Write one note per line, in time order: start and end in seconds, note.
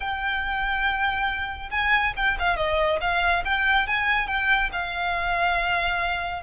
0.00 1.69 G5
1.70 2.13 G#5
2.16 2.37 G5
2.39 2.56 F5
2.56 2.99 D#5
3.00 3.43 F5
3.44 3.87 G5
3.87 4.27 G#5
4.27 4.70 G5
4.72 6.42 F5